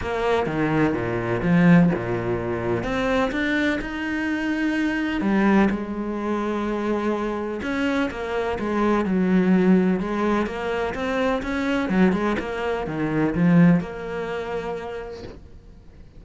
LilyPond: \new Staff \with { instrumentName = "cello" } { \time 4/4 \tempo 4 = 126 ais4 dis4 ais,4 f4 | ais,2 c'4 d'4 | dis'2. g4 | gis1 |
cis'4 ais4 gis4 fis4~ | fis4 gis4 ais4 c'4 | cis'4 fis8 gis8 ais4 dis4 | f4 ais2. | }